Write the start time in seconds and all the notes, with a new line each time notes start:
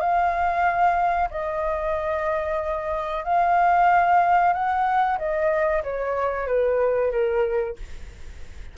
0.00 F5
1.31 D#5
3.24 F5
4.53 F#5
5.18 D#5
5.84 C#5
6.47 B4
7.11 A#4